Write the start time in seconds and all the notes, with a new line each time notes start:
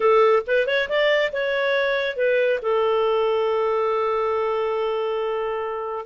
0.00 A4
0.46 B4
0.67 C#5
0.88 D5
1.32 C#5
2.16 B4
2.62 A4